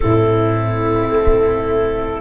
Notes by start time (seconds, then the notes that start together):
0.00 A2 C4 E4 A4
1.10 A3